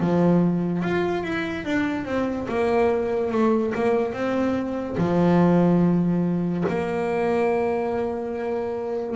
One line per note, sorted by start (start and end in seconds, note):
0.00 0.82 F3
0.82 1.23 F4
1.23 1.65 E4
1.65 2.05 D4
2.05 2.47 C4
2.48 3.31 A#3
3.31 3.73 A3
3.74 4.13 A#3
4.13 4.96 C4
4.97 6.64 F3
6.69 9.16 A#3